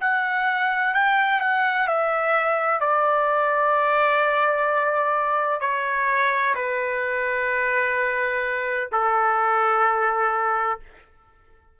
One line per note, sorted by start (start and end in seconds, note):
0.00 0.94 F#5
0.94 1.40 G5
1.40 1.87 F#5
1.87 2.80 E5
2.80 5.61 D5
5.61 6.55 C#5
6.55 8.89 B4
8.92 10.79 A4